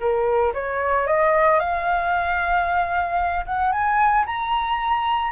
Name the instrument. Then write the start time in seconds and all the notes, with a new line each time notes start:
flute
0.00 A#4
0.54 C#5
1.07 D#5
1.60 F5
3.46 F#5
3.72 G#5
4.26 A#5